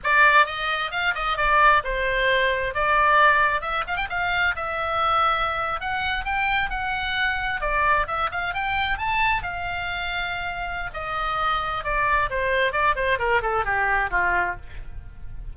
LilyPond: \new Staff \with { instrumentName = "oboe" } { \time 4/4 \tempo 4 = 132 d''4 dis''4 f''8 dis''8 d''4 | c''2 d''2 | e''8 f''16 g''16 f''4 e''2~ | e''8. fis''4 g''4 fis''4~ fis''16~ |
fis''8. d''4 e''8 f''8 g''4 a''16~ | a''8. f''2.~ f''16 | dis''2 d''4 c''4 | d''8 c''8 ais'8 a'8 g'4 f'4 | }